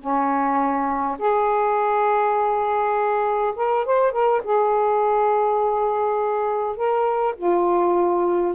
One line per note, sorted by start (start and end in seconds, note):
0.00 1.18 C#4
1.18 3.54 G#4
3.56 3.85 A#4
3.85 4.12 C5
4.12 4.41 A#4
4.44 6.76 G#4
6.76 7.35 A#4
7.37 8.55 F4